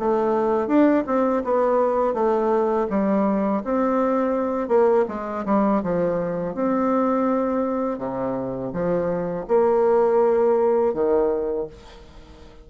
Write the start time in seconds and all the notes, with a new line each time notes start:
0.00 A3
0.68 D4
1.07 C4
1.45 B3
2.15 A3
2.90 G3
3.65 C4
4.69 A#3
5.09 G#3
5.46 G3
5.83 F3
6.55 C4
7.99 C3
8.73 F3
9.48 A#3
10.94 D#3